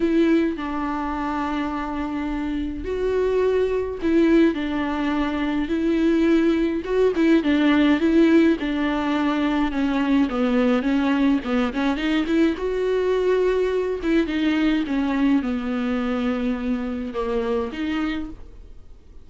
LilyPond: \new Staff \with { instrumentName = "viola" } { \time 4/4 \tempo 4 = 105 e'4 d'2.~ | d'4 fis'2 e'4 | d'2 e'2 | fis'8 e'8 d'4 e'4 d'4~ |
d'4 cis'4 b4 cis'4 | b8 cis'8 dis'8 e'8 fis'2~ | fis'8 e'8 dis'4 cis'4 b4~ | b2 ais4 dis'4 | }